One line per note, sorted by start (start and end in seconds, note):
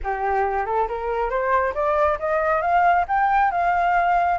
0.03 0.66 G4
0.66 0.88 A4
0.88 1.30 A#4
1.30 1.73 C5
1.74 2.18 D5
2.19 2.61 D#5
2.61 3.05 F5
3.08 3.51 G5
3.51 4.38 F5